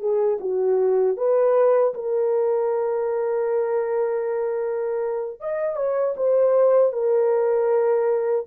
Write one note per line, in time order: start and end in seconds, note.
0.00 0.38 G#4
0.41 1.17 F#4
1.17 1.94 B4
1.95 5.41 A#4
5.41 5.77 D#5
5.77 6.15 C#5
6.17 6.93 C5
6.93 8.47 A#4